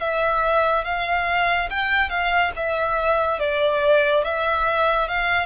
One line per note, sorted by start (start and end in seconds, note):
0.00 0.85 E5
0.85 1.69 F5
1.70 2.09 G5
2.09 2.52 F5
2.56 3.39 E5
3.39 4.24 D5
4.24 5.08 E5
5.08 5.46 F5